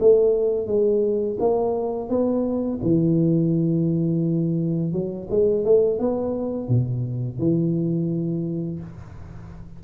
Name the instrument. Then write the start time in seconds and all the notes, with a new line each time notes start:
tuba
0.00 A3
0.67 G#3
1.40 A#3
2.09 B3
2.83 E3
4.93 F#3
5.30 G#3
5.65 A3
5.99 B3
6.68 B2
7.39 E3